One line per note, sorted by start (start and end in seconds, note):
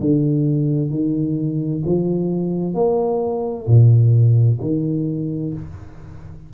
0.00 0.90 D3
0.90 1.82 D#3
1.85 2.74 F3
2.74 3.66 A#3
3.66 4.59 A#2
4.61 5.53 D#3